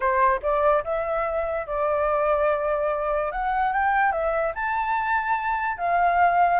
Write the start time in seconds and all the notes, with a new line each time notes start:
0.00 C5
0.42 D5
0.84 E5
1.66 D5
3.31 F#5
3.73 G5
4.12 E5
4.54 A5
5.77 F5